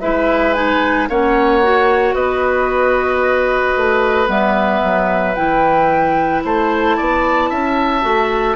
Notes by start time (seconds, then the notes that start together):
0.00 G#3 E4 B4 E5
0.54 D#4 G#5
1.09 A#3 C#4 C#5 F#5
1.63 F#4
2.14 B3 B4 D#5
3.76 A3
4.27 G3 B3 E5
4.83 F#3
5.34 E3 E4 G5
6.44 A3 C5 A5
6.97 B3 D5
7.50 C#4 E5
8.02 A3 F#4